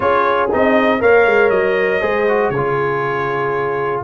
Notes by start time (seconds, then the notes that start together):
0.00 C#4 F4 G#4 C#5
0.51 C4 D#4 D#5
1.00 A#3 A#4 C#5 F5
1.26 G#3
1.49 F#3 D#5
2.00 G#3 G#4 C5
2.28 F#4
2.50 C#3 G#4 C#5
2.56 F4